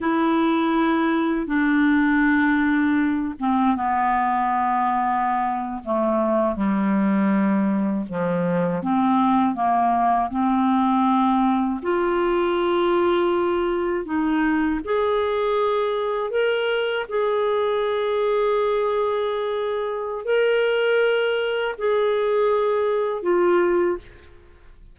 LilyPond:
\new Staff \with { instrumentName = "clarinet" } { \time 4/4 \tempo 4 = 80 e'2 d'2~ | d'8 c'8 b2~ b8. a16~ | a8. g2 f4 c'16~ | c'8. ais4 c'2 f'16~ |
f'2~ f'8. dis'4 gis'16~ | gis'4.~ gis'16 ais'4 gis'4~ gis'16~ | gis'2. ais'4~ | ais'4 gis'2 f'4 | }